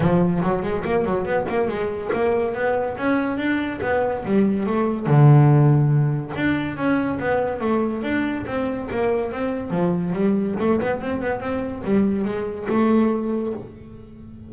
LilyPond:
\new Staff \with { instrumentName = "double bass" } { \time 4/4 \tempo 4 = 142 f4 fis8 gis8 ais8 fis8 b8 ais8 | gis4 ais4 b4 cis'4 | d'4 b4 g4 a4 | d2. d'4 |
cis'4 b4 a4 d'4 | c'4 ais4 c'4 f4 | g4 a8 b8 c'8 b8 c'4 | g4 gis4 a2 | }